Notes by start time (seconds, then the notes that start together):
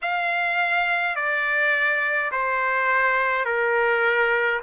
0.02 F5
1.15 D5
2.31 C5
3.45 A#4